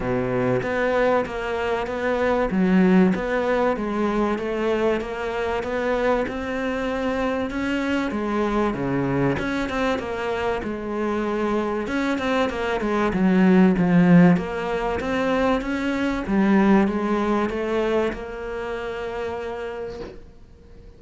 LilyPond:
\new Staff \with { instrumentName = "cello" } { \time 4/4 \tempo 4 = 96 b,4 b4 ais4 b4 | fis4 b4 gis4 a4 | ais4 b4 c'2 | cis'4 gis4 cis4 cis'8 c'8 |
ais4 gis2 cis'8 c'8 | ais8 gis8 fis4 f4 ais4 | c'4 cis'4 g4 gis4 | a4 ais2. | }